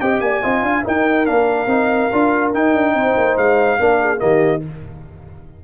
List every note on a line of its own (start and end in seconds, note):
0.00 0.21 C4
0.00 0.42 G4
0.00 0.21 D#5
0.00 0.20 G5
0.20 0.42 A#3
0.20 0.43 D5
0.20 0.83 G#5
0.42 0.62 C4
0.42 0.83 F4
0.42 0.64 D#5
0.62 0.83 D4
0.62 0.85 F5
0.83 1.25 D#4
0.83 1.28 D#4
0.83 2.94 A#4
0.83 1.25 G5
1.25 1.66 A#3
1.25 1.67 D4
1.25 2.51 F5
1.66 2.08 C4
1.66 2.10 D#4
2.12 2.53 D4
2.12 2.53 F4
2.53 2.73 D#4
2.53 3.79 D#4
2.53 3.37 G5
2.73 2.94 D4
2.94 3.15 C4
2.94 3.79 C5
3.17 3.37 A#3
3.37 3.79 G#3
3.37 4.19 F5
3.79 4.21 A#3
3.79 4.17 D4
3.79 4.00 A#4
4.01 4.21 G#4
4.17 4.64 D#3
4.17 4.59 A#3
4.17 4.63 G4
4.17 4.61 D#5